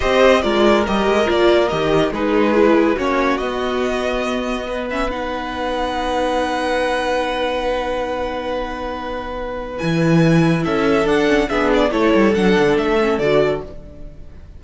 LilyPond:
<<
  \new Staff \with { instrumentName = "violin" } { \time 4/4 \tempo 4 = 141 dis''4 d''4 dis''4 d''4 | dis''4 b'2 cis''4 | dis''2.~ dis''8 e''8 | fis''1~ |
fis''1~ | fis''2. gis''4~ | gis''4 e''4 fis''4 e''8 d''8 | cis''4 fis''4 e''4 d''4 | }
  \new Staff \with { instrumentName = "violin" } { \time 4/4 c''4 ais'2.~ | ais'4 gis'2 fis'4~ | fis'2. b'4~ | b'1~ |
b'1~ | b'1~ | b'4 a'2 gis'4 | a'1 | }
  \new Staff \with { instrumentName = "viola" } { \time 4/4 g'4 f'4 g'4 f'4 | g'4 dis'4 e'4 cis'4 | b2.~ b8 cis'8 | dis'1~ |
dis'1~ | dis'2. e'4~ | e'2 d'8 cis'8 d'4 | e'4 d'4. cis'8 fis'4 | }
  \new Staff \with { instrumentName = "cello" } { \time 4/4 c'4 gis4 g8 gis8 ais4 | dis4 gis2 ais4 | b1~ | b1~ |
b1~ | b2. e4~ | e4 cis'4 d'4 b4 | a8 g8 fis8 d8 a4 d4 | }
>>